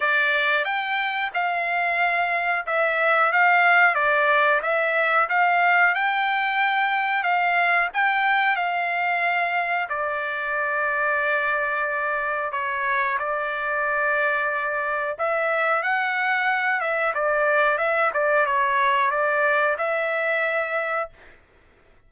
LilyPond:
\new Staff \with { instrumentName = "trumpet" } { \time 4/4 \tempo 4 = 91 d''4 g''4 f''2 | e''4 f''4 d''4 e''4 | f''4 g''2 f''4 | g''4 f''2 d''4~ |
d''2. cis''4 | d''2. e''4 | fis''4. e''8 d''4 e''8 d''8 | cis''4 d''4 e''2 | }